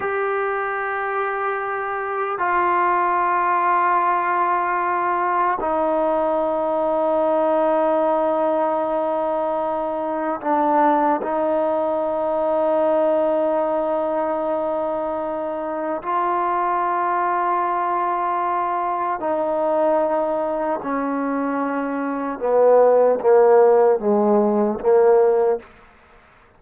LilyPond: \new Staff \with { instrumentName = "trombone" } { \time 4/4 \tempo 4 = 75 g'2. f'4~ | f'2. dis'4~ | dis'1~ | dis'4 d'4 dis'2~ |
dis'1 | f'1 | dis'2 cis'2 | b4 ais4 gis4 ais4 | }